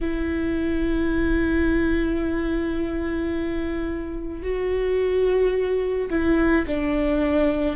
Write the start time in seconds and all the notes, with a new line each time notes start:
0.00 E4
4.42 F#4
6.10 E4
6.67 D4